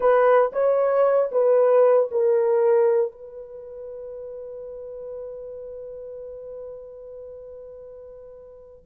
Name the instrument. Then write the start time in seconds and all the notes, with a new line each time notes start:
horn
0.00 B4
0.52 C#5
1.31 B4
2.11 A#4
3.11 B4